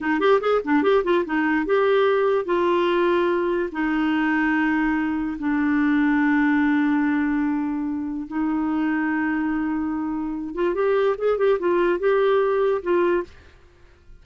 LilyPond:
\new Staff \with { instrumentName = "clarinet" } { \time 4/4 \tempo 4 = 145 dis'8 g'8 gis'8 d'8 g'8 f'8 dis'4 | g'2 f'2~ | f'4 dis'2.~ | dis'4 d'2.~ |
d'1 | dis'1~ | dis'4. f'8 g'4 gis'8 g'8 | f'4 g'2 f'4 | }